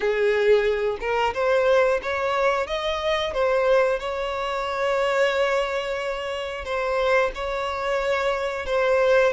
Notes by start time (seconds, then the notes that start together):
0.00 G#4
1.00 A#4
1.33 C5
2.02 C#5
2.67 D#5
3.33 C5
3.99 C#5
6.64 C5
7.34 C#5
8.66 C5